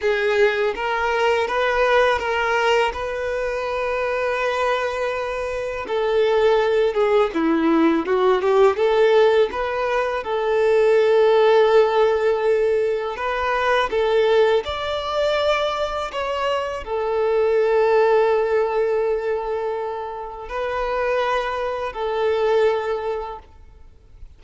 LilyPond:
\new Staff \with { instrumentName = "violin" } { \time 4/4 \tempo 4 = 82 gis'4 ais'4 b'4 ais'4 | b'1 | a'4. gis'8 e'4 fis'8 g'8 | a'4 b'4 a'2~ |
a'2 b'4 a'4 | d''2 cis''4 a'4~ | a'1 | b'2 a'2 | }